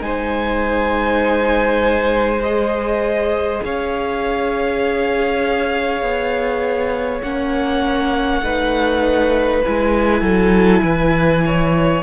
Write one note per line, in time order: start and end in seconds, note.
0.00 3.60 G#3
0.00 2.41 D#4
0.00 3.64 C5
0.00 2.42 G#5
2.42 7.22 G#4
2.42 3.62 D#5
3.63 6.01 C#4
3.63 8.44 C#5
3.63 7.21 F5
6.01 7.21 B3
7.21 8.41 A#3
7.21 8.42 C#4
7.21 9.61 F#5
8.41 9.61 A3
8.41 9.63 D#4
8.41 10.23 B4
9.64 10.21 G#3
9.64 12.03 E4
9.64 12.03 G#5
10.21 10.81 F#3
10.21 10.83 A4
10.82 12.02 E3
10.82 11.44 B4
11.45 12.03 C#5